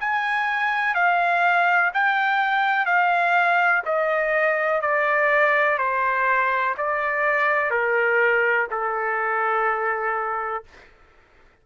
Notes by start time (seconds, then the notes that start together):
0.00 G#5
0.94 F5
1.94 G5
2.85 F5
3.85 D#5
4.81 D5
5.78 C5
6.77 D5
7.70 A#4
8.70 A4